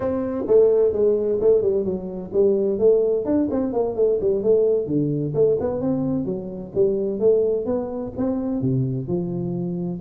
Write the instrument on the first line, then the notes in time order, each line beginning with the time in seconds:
tuba
0.00 C4
0.47 A3
0.92 G#3
1.40 A3
1.62 G3
1.84 F#3
2.33 G3
2.78 A3
3.25 D4
3.50 C4
3.73 A#3
3.95 A3
4.20 G3
4.42 A3
4.86 D3
5.34 A3
5.60 B3
5.80 C4
6.25 F#3
6.74 G3
7.19 A3
7.65 B3
8.17 C4
8.61 C3
9.07 F3